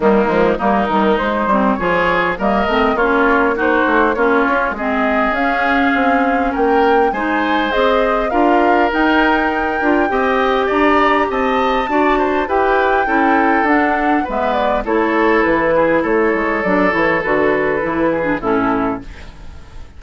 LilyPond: <<
  \new Staff \with { instrumentName = "flute" } { \time 4/4 \tempo 4 = 101 dis'4 ais'4 c''4 cis''4 | dis''4 cis''4 c''4 cis''4 | dis''4 f''2 g''4 | gis''4 dis''4 f''4 g''4~ |
g''2 ais''4 a''4~ | a''4 g''2 fis''4 | e''8 d''8 cis''4 b'4 cis''4 | d''8 cis''8 b'2 a'4 | }
  \new Staff \with { instrumentName = "oboe" } { \time 4/4 ais4 dis'2 gis'4 | ais'4 f'4 fis'4 f'4 | gis'2. ais'4 | c''2 ais'2~ |
ais'4 dis''4 d''4 dis''4 | d''8 c''8 b'4 a'2 | b'4 a'4. gis'8 a'4~ | a'2~ a'8 gis'8 e'4 | }
  \new Staff \with { instrumentName = "clarinet" } { \time 4/4 g8 gis8 ais8 g8 gis8 c'8 f'4 | ais8 c'8 cis'4 dis'4 cis'4 | c'4 cis'2. | dis'4 gis'4 f'4 dis'4~ |
dis'8 f'8 g'2. | fis'4 g'4 e'4 d'4 | b4 e'2. | d'8 e'8 fis'4 e'8. d'16 cis'4 | }
  \new Staff \with { instrumentName = "bassoon" } { \time 4/4 dis8 f8 g8 dis8 gis8 g8 f4 | g8 a8 ais4. a8 ais8 cis'8 | gis4 cis'4 c'4 ais4 | gis4 c'4 d'4 dis'4~ |
dis'8 d'8 c'4 d'4 c'4 | d'4 e'4 cis'4 d'4 | gis4 a4 e4 a8 gis8 | fis8 e8 d4 e4 a,4 | }
>>